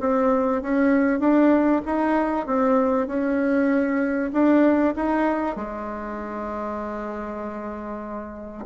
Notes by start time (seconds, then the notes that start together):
0.00 C4
0.62 C#4
1.20 D4
1.86 D#4
2.47 C4
3.07 C#4
4.33 D4
4.96 D#4
5.56 G#3